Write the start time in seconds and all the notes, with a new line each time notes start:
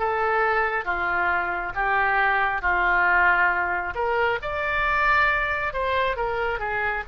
0.00 A4
0.85 F4
1.75 G4
2.62 F4
3.95 A#4
4.42 D5
5.74 C5
6.17 A#4
6.60 G#4